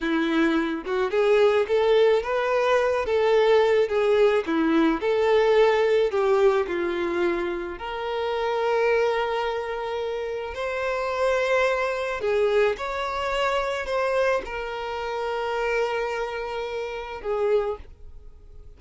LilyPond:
\new Staff \with { instrumentName = "violin" } { \time 4/4 \tempo 4 = 108 e'4. fis'8 gis'4 a'4 | b'4. a'4. gis'4 | e'4 a'2 g'4 | f'2 ais'2~ |
ais'2. c''4~ | c''2 gis'4 cis''4~ | cis''4 c''4 ais'2~ | ais'2. gis'4 | }